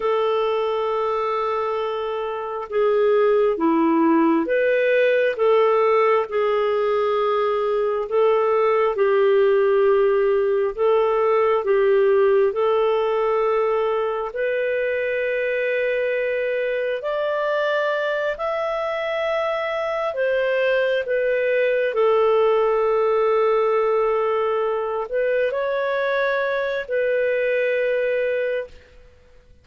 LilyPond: \new Staff \with { instrumentName = "clarinet" } { \time 4/4 \tempo 4 = 67 a'2. gis'4 | e'4 b'4 a'4 gis'4~ | gis'4 a'4 g'2 | a'4 g'4 a'2 |
b'2. d''4~ | d''8 e''2 c''4 b'8~ | b'8 a'2.~ a'8 | b'8 cis''4. b'2 | }